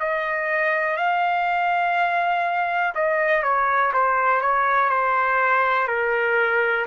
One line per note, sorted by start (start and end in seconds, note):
0.00 0.97 D#5
0.97 2.93 F5
2.95 3.42 D#5
3.42 3.92 C#5
3.93 4.41 C5
4.41 4.89 C#5
4.89 5.87 C5
5.87 6.86 A#4